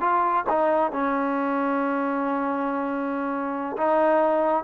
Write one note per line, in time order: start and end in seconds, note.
0.00 0.44 F4
0.49 0.92 D#4
0.92 3.76 C#4
3.77 4.63 D#4